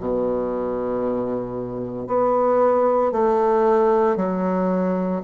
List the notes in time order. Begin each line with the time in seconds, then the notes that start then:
0.00 B2
2.08 B3
3.12 A3
4.17 F#3